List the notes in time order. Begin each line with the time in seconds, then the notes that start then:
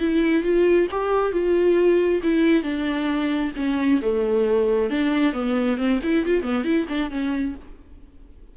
0.00 E4
0.43 F4
0.92 G4
1.32 F4
2.23 E4
2.63 D4
3.56 C#4
4.02 A3
4.91 D4
5.33 B3
5.78 C4
6.03 E4
6.26 F4
6.43 B3
6.65 E4
6.89 D4
7.11 C#4